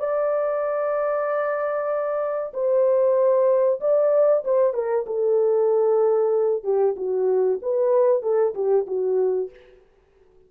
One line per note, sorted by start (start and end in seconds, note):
0.00 2.53 D5
2.54 3.80 C5
3.81 4.44 D5
4.45 4.74 C5
4.74 5.06 A#4
5.07 6.64 A4
6.64 6.96 G4
6.97 7.60 F#4
7.62 8.22 B4
8.22 8.54 A4
8.55 8.86 G4
8.87 9.50 F#4